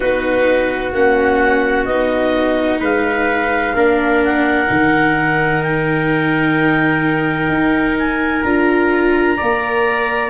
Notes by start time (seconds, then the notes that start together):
0.00 B3 D#4 F#4 B4
0.93 A#3 C#4 F#5
1.85 B3 D#4 D#5
2.79 G#3 B4 F5
3.74 A#3 D4 A#4
4.24 F#5
4.67 D#3 D#4
5.62 G5
7.48 D#4
7.98 G#5
8.42 D4 F4 A#5
9.37 A#3 A#4 D5